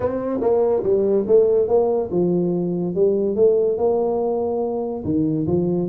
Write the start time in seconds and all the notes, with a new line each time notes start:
0.00 C4
0.41 A#3
0.83 G3
1.27 A3
1.68 A#3
2.11 F3
2.94 G3
3.35 A3
3.77 A#3
5.04 D#3
5.47 F3